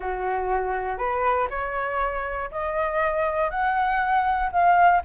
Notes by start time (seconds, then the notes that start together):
0.00 F#4
0.97 B4
1.50 C#5
2.51 D#5
3.50 F#5
4.52 F5